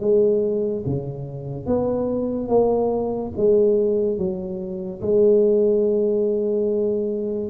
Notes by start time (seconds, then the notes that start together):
0.00 G#3
0.86 C#3
1.66 B3
2.48 A#3
3.37 G#3
4.18 F#3
5.02 G#3